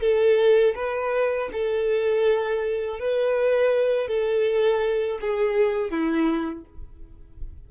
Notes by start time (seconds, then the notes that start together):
0.00 A4
0.75 B4
1.52 A4
2.99 B4
4.07 A4
5.21 G#4
5.90 E4